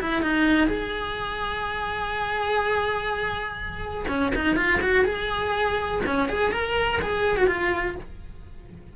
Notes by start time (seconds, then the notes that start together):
0.00 E4
0.22 D#4
0.67 G#4
4.08 C#4
4.35 D#4
4.55 F4
4.81 F#4
5.04 G#4
6.05 C#4
6.28 G#4
6.51 A#4
7.01 G#4
7.37 F#4
7.47 F4